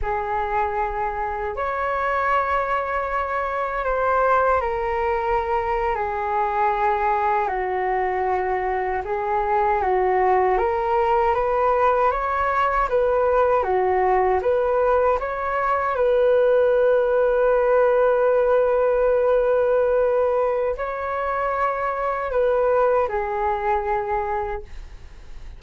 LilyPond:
\new Staff \with { instrumentName = "flute" } { \time 4/4 \tempo 4 = 78 gis'2 cis''2~ | cis''4 c''4 ais'4.~ ais'16 gis'16~ | gis'4.~ gis'16 fis'2 gis'16~ | gis'8. fis'4 ais'4 b'4 cis''16~ |
cis''8. b'4 fis'4 b'4 cis''16~ | cis''8. b'2.~ b'16~ | b'2. cis''4~ | cis''4 b'4 gis'2 | }